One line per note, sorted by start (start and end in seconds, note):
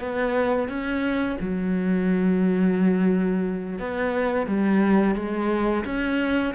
0.00 0.69 B3
0.69 1.38 C#4
1.40 3.79 F#3
3.79 4.47 B3
4.47 5.16 G3
5.16 5.85 G#3
5.85 6.54 C#4